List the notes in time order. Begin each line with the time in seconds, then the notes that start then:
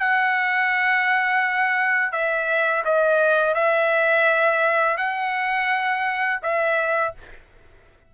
0.00 F#5
2.12 E5
2.85 D#5
3.55 E5
4.98 F#5
6.43 E5